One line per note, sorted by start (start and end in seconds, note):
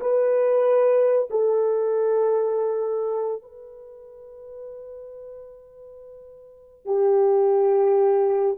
0.00 1.29 B4
1.30 3.42 A4
3.42 6.85 B4
6.85 8.57 G4